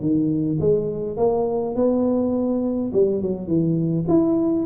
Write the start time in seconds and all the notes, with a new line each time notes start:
0.00 D#3
0.60 G#3
1.17 A#3
1.75 B3
2.93 G3
3.21 F#3
3.47 E3
4.08 E4